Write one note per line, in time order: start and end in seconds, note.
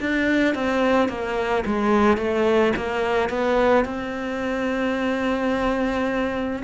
0.00 0.54 D4
0.54 1.08 C4
1.08 1.64 A#3
1.65 2.17 G#3
2.17 2.72 A3
2.76 3.29 A#3
3.29 3.84 B3
3.84 6.62 C4